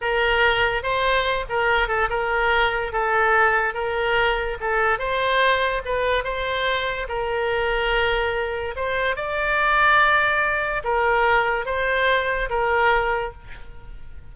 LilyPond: \new Staff \with { instrumentName = "oboe" } { \time 4/4 \tempo 4 = 144 ais'2 c''4. ais'8~ | ais'8 a'8 ais'2 a'4~ | a'4 ais'2 a'4 | c''2 b'4 c''4~ |
c''4 ais'2.~ | ais'4 c''4 d''2~ | d''2 ais'2 | c''2 ais'2 | }